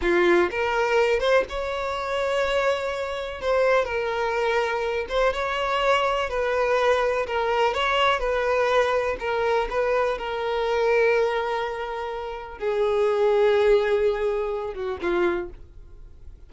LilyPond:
\new Staff \with { instrumentName = "violin" } { \time 4/4 \tempo 4 = 124 f'4 ais'4. c''8 cis''4~ | cis''2. c''4 | ais'2~ ais'8 c''8 cis''4~ | cis''4 b'2 ais'4 |
cis''4 b'2 ais'4 | b'4 ais'2.~ | ais'2 gis'2~ | gis'2~ gis'8 fis'8 f'4 | }